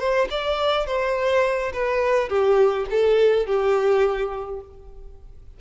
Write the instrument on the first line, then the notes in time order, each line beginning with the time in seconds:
violin
0.00 C5
0.31 D5
0.87 C5
1.74 B4
2.30 G4
2.91 A4
3.47 G4